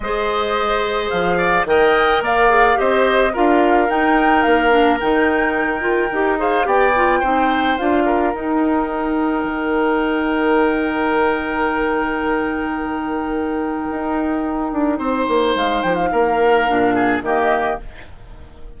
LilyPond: <<
  \new Staff \with { instrumentName = "flute" } { \time 4/4 \tempo 4 = 108 dis''2 f''4 g''4 | f''4 dis''4 f''4 g''4 | f''4 g''2~ g''8 f''8 | g''2 f''4 g''4~ |
g''1~ | g''1~ | g''1 | f''8 g''16 f''2~ f''16 dis''4 | }
  \new Staff \with { instrumentName = "oboe" } { \time 4/4 c''2~ c''8 d''8 dis''4 | d''4 c''4 ais'2~ | ais'2.~ ais'8 c''8 | d''4 c''4. ais'4.~ |
ais'1~ | ais'1~ | ais'2. c''4~ | c''4 ais'4. gis'8 g'4 | }
  \new Staff \with { instrumentName = "clarinet" } { \time 4/4 gis'2. ais'4~ | ais'8 gis'8 g'4 f'4 dis'4~ | dis'8 d'8 dis'4. f'8 g'8 gis'8 | g'8 f'8 dis'4 f'4 dis'4~ |
dis'1~ | dis'1~ | dis'1~ | dis'2 d'4 ais4 | }
  \new Staff \with { instrumentName = "bassoon" } { \time 4/4 gis2 f4 dis4 | ais4 c'4 d'4 dis'4 | ais4 dis2 dis'4 | b4 c'4 d'4 dis'4~ |
dis'4 dis2.~ | dis1~ | dis4 dis'4. d'8 c'8 ais8 | gis8 f8 ais4 ais,4 dis4 | }
>>